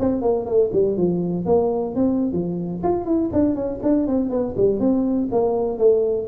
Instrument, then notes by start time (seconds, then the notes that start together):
tuba
0.00 C4
0.22 A#3
0.46 A3
0.73 G3
0.98 F3
1.46 A#3
1.96 C4
2.33 F3
2.84 F4
3.06 E4
3.33 D4
3.56 C#4
3.83 D4
4.08 C4
4.30 B3
4.57 G3
4.80 C4
5.32 A#3
5.79 A3